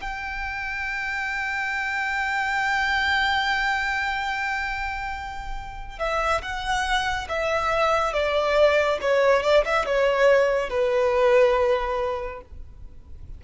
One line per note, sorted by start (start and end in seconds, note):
0.00 5.98 G5
5.98 6.41 E5
6.41 7.27 F#5
7.29 8.13 E5
8.13 8.98 D5
9.01 9.42 C#5
9.42 9.64 D5
9.65 9.85 E5
9.85 10.69 C#5
10.69 12.41 B4